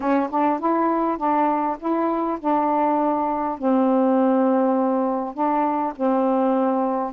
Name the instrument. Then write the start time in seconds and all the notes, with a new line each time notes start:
saxophone
0.00 C#4
0.30 D4
0.59 E4
1.17 D4
1.79 E4
2.40 D4
3.58 C4
5.34 D4
5.96 C4